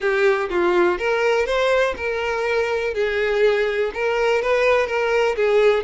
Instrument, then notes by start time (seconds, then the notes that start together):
violin
0.00 G4
0.49 F4
0.98 A#4
1.45 C5
1.96 A#4
2.94 G#4
3.94 A#4
4.41 B4
4.86 A#4
5.36 G#4